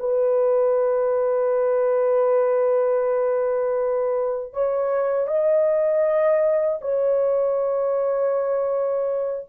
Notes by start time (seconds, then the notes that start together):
0.00 B4
4.54 C#5
5.28 D#5
6.81 C#5